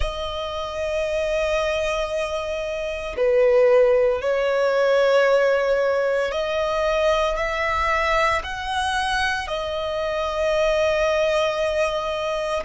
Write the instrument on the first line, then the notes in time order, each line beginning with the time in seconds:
violin
0.00 D#5
3.16 B4
4.21 C#5
6.32 D#5
7.36 E5
8.43 F#5
9.47 D#5